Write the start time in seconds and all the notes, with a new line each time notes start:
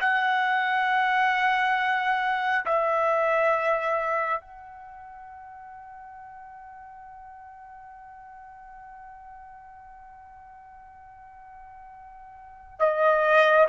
0.00 F#5
2.66 E5
4.41 F#5
12.79 D#5